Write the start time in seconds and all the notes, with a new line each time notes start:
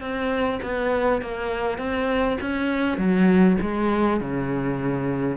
0.00 C4
0.62 B3
1.21 A#3
1.78 C4
2.40 C#4
2.97 F#3
3.61 G#3
4.20 C#3